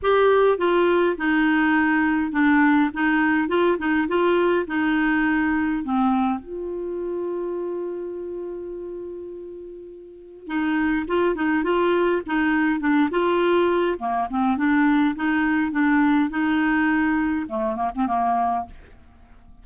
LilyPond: \new Staff \with { instrumentName = "clarinet" } { \time 4/4 \tempo 4 = 103 g'4 f'4 dis'2 | d'4 dis'4 f'8 dis'8 f'4 | dis'2 c'4 f'4~ | f'1~ |
f'2 dis'4 f'8 dis'8 | f'4 dis'4 d'8 f'4. | ais8 c'8 d'4 dis'4 d'4 | dis'2 a8 ais16 c'16 ais4 | }